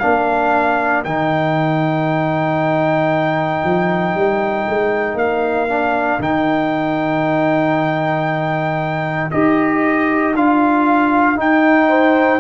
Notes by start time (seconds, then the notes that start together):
0.00 A#3 D4 A#4 F5
1.05 D#3 D#4 G5
3.64 F3
4.15 G3
4.69 G#3
5.15 A#3 F5
5.69 D4
6.19 D#3 D#4 G5
9.31 D#4 G4 D#5
10.36 D4 F4 F5
11.36 D#4 G5
11.89 C5